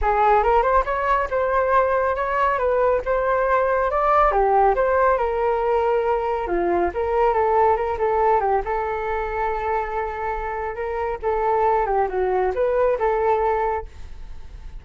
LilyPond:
\new Staff \with { instrumentName = "flute" } { \time 4/4 \tempo 4 = 139 gis'4 ais'8 c''8 cis''4 c''4~ | c''4 cis''4 b'4 c''4~ | c''4 d''4 g'4 c''4 | ais'2. f'4 |
ais'4 a'4 ais'8 a'4 g'8 | a'1~ | a'4 ais'4 a'4. g'8 | fis'4 b'4 a'2 | }